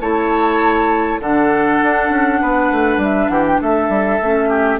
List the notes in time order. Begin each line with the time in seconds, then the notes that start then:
0.00 A3 E4 C#5 A5
1.19 D3 D4 A4 F#5
1.82 D4
2.09 C#4
2.41 B3 B4
2.71 A3
2.97 G3
3.03 E5
3.28 E3 G4 F#5
3.46 G5
3.61 A3 A4 E5
3.89 G3
4.21 A3 C#4
4.49 G4